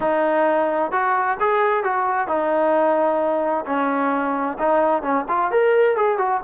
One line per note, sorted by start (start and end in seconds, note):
0.00 0.91 D#4
0.91 1.37 F#4
1.39 1.83 G#4
1.83 2.27 F#4
2.27 3.65 D#4
3.66 4.57 C#4
4.58 5.02 D#4
5.02 5.25 C#4
5.28 5.51 F4
5.51 5.96 A#4
5.96 6.18 G#4
6.18 6.41 F#4